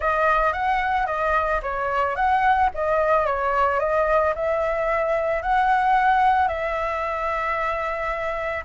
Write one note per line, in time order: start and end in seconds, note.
0.00 0.53 D#5
0.53 1.06 F#5
1.06 1.60 D#5
1.62 2.15 C#5
2.15 2.69 F#5
2.74 3.26 D#5
3.26 3.79 C#5
3.79 4.33 D#5
4.35 5.42 E5
5.42 6.47 F#5
6.47 8.64 E5